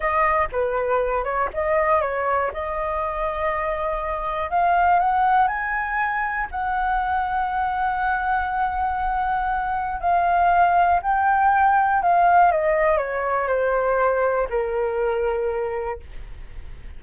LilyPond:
\new Staff \with { instrumentName = "flute" } { \time 4/4 \tempo 4 = 120 dis''4 b'4. cis''8 dis''4 | cis''4 dis''2.~ | dis''4 f''4 fis''4 gis''4~ | gis''4 fis''2.~ |
fis''1 | f''2 g''2 | f''4 dis''4 cis''4 c''4~ | c''4 ais'2. | }